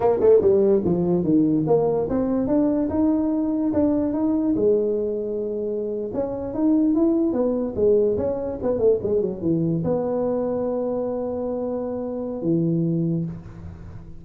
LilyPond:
\new Staff \with { instrumentName = "tuba" } { \time 4/4 \tempo 4 = 145 ais8 a8 g4 f4 dis4 | ais4 c'4 d'4 dis'4~ | dis'4 d'4 dis'4 gis4~ | gis2~ gis8. cis'4 dis'16~ |
dis'8. e'4 b4 gis4 cis'16~ | cis'8. b8 a8 gis8 fis8 e4 b16~ | b1~ | b2 e2 | }